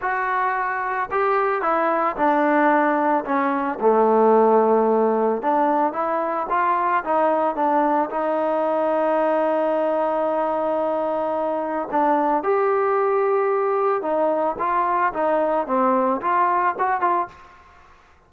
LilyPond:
\new Staff \with { instrumentName = "trombone" } { \time 4/4 \tempo 4 = 111 fis'2 g'4 e'4 | d'2 cis'4 a4~ | a2 d'4 e'4 | f'4 dis'4 d'4 dis'4~ |
dis'1~ | dis'2 d'4 g'4~ | g'2 dis'4 f'4 | dis'4 c'4 f'4 fis'8 f'8 | }